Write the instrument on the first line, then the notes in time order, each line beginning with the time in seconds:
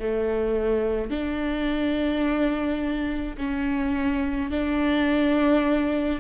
viola
0.00 A3
1.11 D4
3.38 C#4
4.51 D4